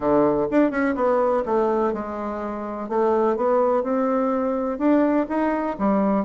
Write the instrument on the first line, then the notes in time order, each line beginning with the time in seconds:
bassoon
0.00 D3
0.50 D4
0.70 C#4
0.95 B3
1.45 A3
1.93 G#3
2.88 A3
3.36 B3
3.83 C4
4.78 D4
5.28 D#4
5.78 G3